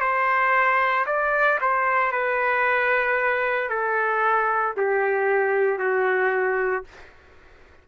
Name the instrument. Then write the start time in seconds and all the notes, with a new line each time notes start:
trumpet
0.00 C5
1.06 D5
1.61 C5
2.11 B4
3.69 A4
4.77 G4
5.78 F#4